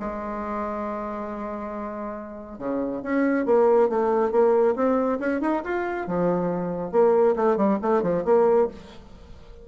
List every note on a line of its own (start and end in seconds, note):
0.00 2.59 G#3
2.59 3.02 C#3
3.03 3.46 C#4
3.46 3.90 A#3
3.90 4.32 A3
4.32 4.75 A#3
4.76 5.19 C4
5.20 5.41 C#4
5.41 5.63 D#4
5.64 6.08 F4
6.08 6.92 F3
6.92 7.36 A#3
7.36 7.57 A3
7.57 7.79 G3
7.82 8.03 A3
8.03 8.25 F3
8.25 8.68 A#3